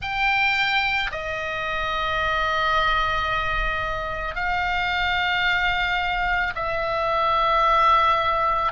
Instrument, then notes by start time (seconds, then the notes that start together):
oboe
0.01 G5
1.12 D#5
4.35 F5
6.55 E5